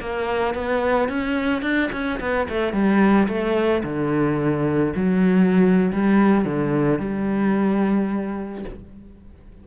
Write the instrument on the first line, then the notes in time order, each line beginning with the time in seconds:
cello
0.00 A#3
0.55 B3
1.09 C#4
1.62 D4
1.92 C#4
2.20 B3
2.49 A3
2.73 G3
3.28 A3
3.84 D3
4.96 F#3
5.92 G3
6.45 D3
6.99 G3